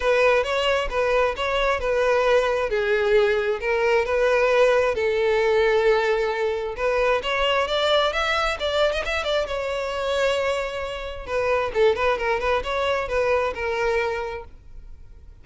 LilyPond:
\new Staff \with { instrumentName = "violin" } { \time 4/4 \tempo 4 = 133 b'4 cis''4 b'4 cis''4 | b'2 gis'2 | ais'4 b'2 a'4~ | a'2. b'4 |
cis''4 d''4 e''4 d''8. dis''16 | e''8 d''8 cis''2.~ | cis''4 b'4 a'8 b'8 ais'8 b'8 | cis''4 b'4 ais'2 | }